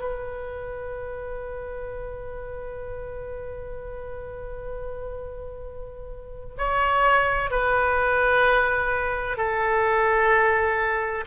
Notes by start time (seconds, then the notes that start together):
0.00 B4
6.58 C#5
7.50 B4
9.37 A4